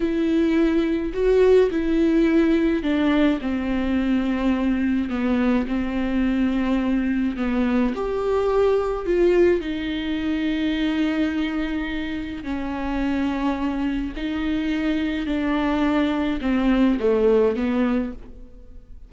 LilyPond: \new Staff \with { instrumentName = "viola" } { \time 4/4 \tempo 4 = 106 e'2 fis'4 e'4~ | e'4 d'4 c'2~ | c'4 b4 c'2~ | c'4 b4 g'2 |
f'4 dis'2.~ | dis'2 cis'2~ | cis'4 dis'2 d'4~ | d'4 c'4 a4 b4 | }